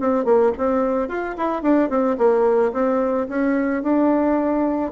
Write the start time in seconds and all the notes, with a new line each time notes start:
0.00 C4
0.25 A#3
0.58 C4
1.08 F4
1.37 E4
1.62 D4
1.90 C4
2.18 A#3
2.73 C4
3.29 C#4
3.83 D4